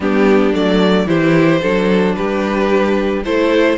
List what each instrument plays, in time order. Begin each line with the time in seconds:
0.00 cello G3, viola B3, violin D4 G4
0.53 cello F#3, viola A3, violin D5
1.06 cello E3, viola E4, violin G4 C5
1.61 cello F#3, viola D4, violin A4
2.14 cello G3, violin G4 B4
3.24 cello A3, viola E4, violin A4 C5